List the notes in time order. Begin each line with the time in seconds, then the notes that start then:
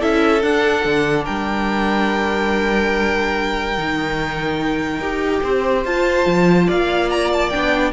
0.00 C#4 E4 A4 E5
0.41 D4 F#5
0.85 D3
1.24 G3 A#4 G5
3.78 D#3 D#4
5.00 D#4 G4
5.43 C4 C5
5.85 F4 A5
6.26 F3
6.67 A#3 D5 F5
7.10 A#5
7.33 A5
7.50 B3 D4 G5